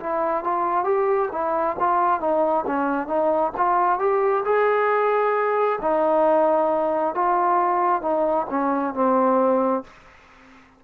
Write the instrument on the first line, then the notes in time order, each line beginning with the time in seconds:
trombone
0.00 E4
0.44 F4
0.84 G4
1.32 E4
1.80 F4
2.20 D#4
2.67 C#4
3.07 D#4
3.57 F4
3.99 G4
4.45 G#4
5.81 D#4
7.14 F4
8.02 D#4
8.50 C#4
8.94 C4